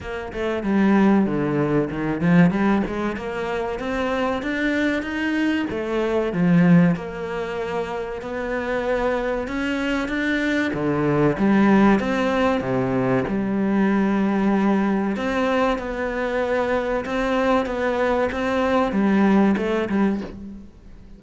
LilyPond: \new Staff \with { instrumentName = "cello" } { \time 4/4 \tempo 4 = 95 ais8 a8 g4 d4 dis8 f8 | g8 gis8 ais4 c'4 d'4 | dis'4 a4 f4 ais4~ | ais4 b2 cis'4 |
d'4 d4 g4 c'4 | c4 g2. | c'4 b2 c'4 | b4 c'4 g4 a8 g8 | }